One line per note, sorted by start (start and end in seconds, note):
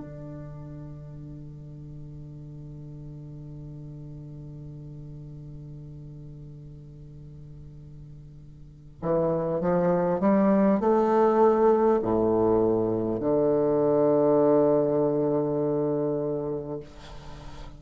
0.00 9.00 D3
9.02 9.60 E3
9.60 10.20 F3
10.20 10.80 G3
10.80 12.00 A3
12.02 13.20 A2
13.20 16.80 D3